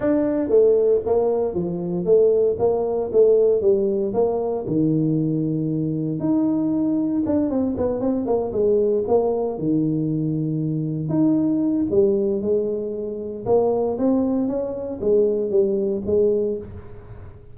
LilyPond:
\new Staff \with { instrumentName = "tuba" } { \time 4/4 \tempo 4 = 116 d'4 a4 ais4 f4 | a4 ais4 a4 g4 | ais4 dis2. | dis'2 d'8 c'8 b8 c'8 |
ais8 gis4 ais4 dis4.~ | dis4. dis'4. g4 | gis2 ais4 c'4 | cis'4 gis4 g4 gis4 | }